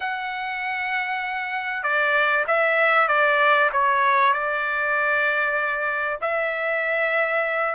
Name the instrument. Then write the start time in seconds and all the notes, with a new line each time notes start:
trumpet
0.00 F#5
1.83 D5
2.47 E5
3.08 D5
3.72 C#5
4.33 D5
6.21 E5